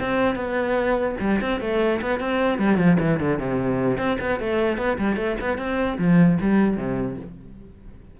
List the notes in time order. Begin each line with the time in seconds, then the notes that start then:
0.00 C4
0.35 B3
1.20 G3
1.41 C4
1.60 A3
2.01 B3
2.19 C4
2.58 G3
2.77 F3
2.99 E3
3.19 D3
3.38 C3
3.97 C4
4.20 B3
4.40 A3
4.77 B3
4.98 G3
5.16 A3
5.40 B3
5.57 C4
5.98 F3
6.41 G3
6.77 C3